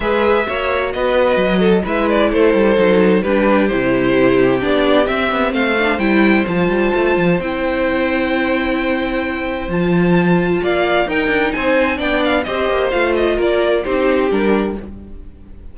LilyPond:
<<
  \new Staff \with { instrumentName = "violin" } { \time 4/4 \tempo 4 = 130 e''2 dis''2 | e''8 d''8 c''2 b'4 | c''2 d''4 e''4 | f''4 g''4 a''2 |
g''1~ | g''4 a''2 f''4 | g''4 gis''4 g''8 f''8 dis''4 | f''8 dis''8 d''4 c''4 ais'4 | }
  \new Staff \with { instrumentName = "violin" } { \time 4/4 b'4 cis''4 b'4. a'8 | b'4 a'2 g'4~ | g'1 | c''1~ |
c''1~ | c''2. d''4 | ais'4 c''4 d''4 c''4~ | c''4 ais'4 g'2 | }
  \new Staff \with { instrumentName = "viola" } { \time 4/4 gis'4 fis'2. | e'2 dis'4 d'4 | e'2 d'4 c'4~ | c'8 d'8 e'4 f'2 |
e'1~ | e'4 f'2. | dis'2 d'4 g'4 | f'2 dis'4 d'4 | }
  \new Staff \with { instrumentName = "cello" } { \time 4/4 gis4 ais4 b4 fis4 | gis4 a8 g8 fis4 g4 | c2 b4 c'8 b8 | a4 g4 f8 g8 a8 f8 |
c'1~ | c'4 f2 ais4 | dis'8 d'8 c'4 b4 c'8 ais8 | a4 ais4 c'4 g4 | }
>>